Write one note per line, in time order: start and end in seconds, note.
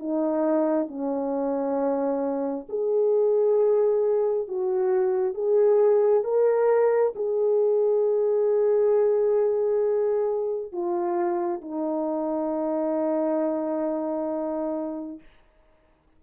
0.00 0.88 D#4
0.88 2.67 C#4
2.69 4.49 G#4
4.49 5.35 F#4
5.35 6.24 G#4
6.24 7.14 A#4
7.16 10.73 G#4
10.73 11.62 F4
11.62 15.20 D#4